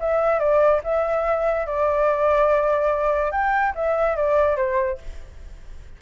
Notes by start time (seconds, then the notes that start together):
0.00 E5
0.39 D5
0.84 E5
1.66 D5
3.31 G5
3.75 E5
4.16 D5
4.56 C5